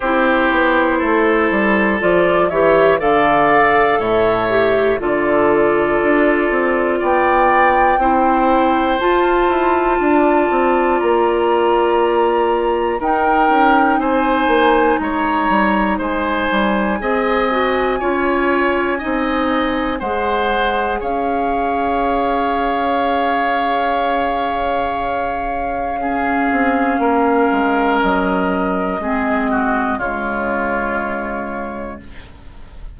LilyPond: <<
  \new Staff \with { instrumentName = "flute" } { \time 4/4 \tempo 4 = 60 c''2 d''8 e''8 f''4 | e''4 d''2 g''4~ | g''4 a''2 ais''4~ | ais''4 g''4 gis''4 ais''4 |
gis''1 | fis''4 f''2.~ | f''1 | dis''2 cis''2 | }
  \new Staff \with { instrumentName = "oboe" } { \time 4/4 g'4 a'4. cis''8 d''4 | cis''4 a'2 d''4 | c''2 d''2~ | d''4 ais'4 c''4 cis''4 |
c''4 dis''4 cis''4 dis''4 | c''4 cis''2.~ | cis''2 gis'4 ais'4~ | ais'4 gis'8 fis'8 f'2 | }
  \new Staff \with { instrumentName = "clarinet" } { \time 4/4 e'2 f'8 g'8 a'4~ | a'8 g'8 f'2. | e'4 f'2.~ | f'4 dis'2.~ |
dis'4 gis'8 fis'8 f'4 dis'4 | gis'1~ | gis'2 cis'2~ | cis'4 c'4 gis2 | }
  \new Staff \with { instrumentName = "bassoon" } { \time 4/4 c'8 b8 a8 g8 f8 e8 d4 | a,4 d4 d'8 c'8 b4 | c'4 f'8 e'8 d'8 c'8 ais4~ | ais4 dis'8 cis'8 c'8 ais8 gis8 g8 |
gis8 g8 c'4 cis'4 c'4 | gis4 cis'2.~ | cis'2~ cis'8 c'8 ais8 gis8 | fis4 gis4 cis2 | }
>>